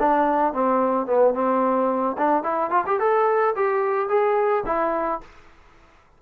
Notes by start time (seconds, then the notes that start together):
0.00 D4
0.53 C4
1.07 B3
1.34 C4
2.18 D4
2.43 E4
2.71 F4
2.87 G4
3.00 A4
3.56 G4
4.09 G#4
4.66 E4